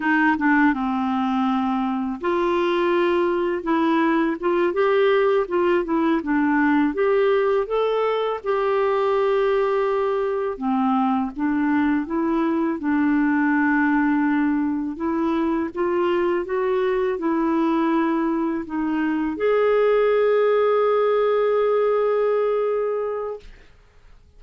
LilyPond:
\new Staff \with { instrumentName = "clarinet" } { \time 4/4 \tempo 4 = 82 dis'8 d'8 c'2 f'4~ | f'4 e'4 f'8 g'4 f'8 | e'8 d'4 g'4 a'4 g'8~ | g'2~ g'8 c'4 d'8~ |
d'8 e'4 d'2~ d'8~ | d'8 e'4 f'4 fis'4 e'8~ | e'4. dis'4 gis'4.~ | gis'1 | }